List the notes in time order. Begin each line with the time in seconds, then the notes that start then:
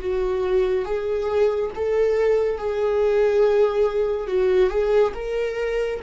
0.00 F#4
0.85 G#4
1.75 A4
2.58 G#4
4.27 F#4
4.70 G#4
5.14 A#4